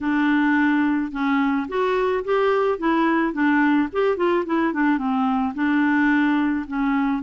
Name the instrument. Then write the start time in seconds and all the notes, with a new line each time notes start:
clarinet
0.00 D4
1.11 C#4
1.68 F#4
2.24 G4
2.78 E4
3.33 D4
3.92 G4
4.16 F4
4.45 E4
4.73 D4
4.98 C4
5.54 D4
6.67 C#4